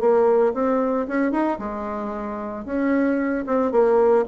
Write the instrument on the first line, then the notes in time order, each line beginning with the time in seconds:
bassoon
0.00 A#3
0.54 C4
1.07 C#4
1.32 D#4
1.59 G#3
2.65 C#4
3.46 C4
3.71 A#3